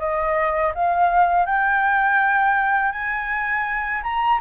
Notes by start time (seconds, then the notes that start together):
0.00 D#5
0.75 F5
1.46 G5
2.92 G#5
4.03 A#5